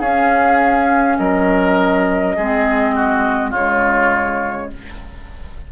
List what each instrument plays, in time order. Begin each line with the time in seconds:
0.00 bassoon C#4, clarinet C#4, oboe G#4, flute F5
1.17 bassoon F#3, oboe A#4, flute D#5
2.37 bassoon G#3, clarinet C4, oboe G#4
2.95 oboe F#4
3.50 bassoon C#3, clarinet G#3, oboe F4, flute C#5